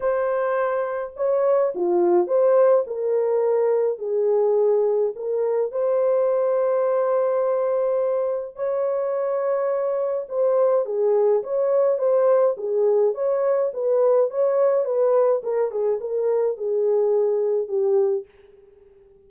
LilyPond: \new Staff \with { instrumentName = "horn" } { \time 4/4 \tempo 4 = 105 c''2 cis''4 f'4 | c''4 ais'2 gis'4~ | gis'4 ais'4 c''2~ | c''2. cis''4~ |
cis''2 c''4 gis'4 | cis''4 c''4 gis'4 cis''4 | b'4 cis''4 b'4 ais'8 gis'8 | ais'4 gis'2 g'4 | }